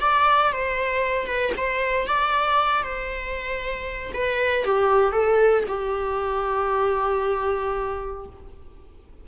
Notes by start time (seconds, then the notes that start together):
0.00 D5
0.52 C5
1.26 B4
1.56 C5
2.07 D5
2.83 C5
4.14 B4
4.64 G4
5.12 A4
5.68 G4